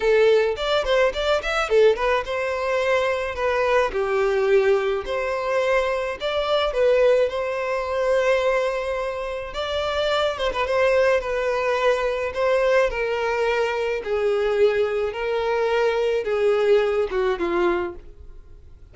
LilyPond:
\new Staff \with { instrumentName = "violin" } { \time 4/4 \tempo 4 = 107 a'4 d''8 c''8 d''8 e''8 a'8 b'8 | c''2 b'4 g'4~ | g'4 c''2 d''4 | b'4 c''2.~ |
c''4 d''4. c''16 b'16 c''4 | b'2 c''4 ais'4~ | ais'4 gis'2 ais'4~ | ais'4 gis'4. fis'8 f'4 | }